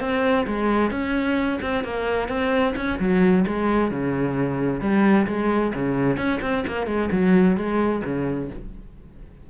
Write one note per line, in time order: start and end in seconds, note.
0.00 0.46 C4
0.46 0.91 G#3
0.91 1.59 C#4
1.62 1.84 C4
1.84 2.28 A#3
2.28 2.74 C4
2.76 2.99 C#4
2.99 3.45 F#3
3.47 3.91 G#3
3.91 4.81 C#3
4.81 5.27 G3
5.27 5.73 G#3
5.75 6.17 C#3
6.17 6.40 C#4
6.41 6.64 C4
6.67 6.87 A#3
6.87 7.10 G#3
7.12 7.57 F#3
7.57 8.02 G#3
8.04 8.50 C#3